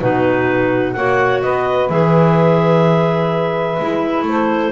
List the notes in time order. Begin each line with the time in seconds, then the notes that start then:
0.00 B2 D#4 F#4 B4
0.92 A#3 F#4 C#5 F#5
1.41 B3 B4 D#5
1.88 E3 G#4 E5
3.79 G#3 E4
4.22 A3 A4
4.28 C5